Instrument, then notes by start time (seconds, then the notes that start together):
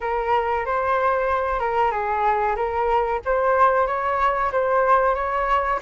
flute
0.01 A#4
0.65 C5
1.59 A#4
1.91 G#4
2.56 A#4
3.25 C5
3.87 C#5
4.52 C5
5.14 C#5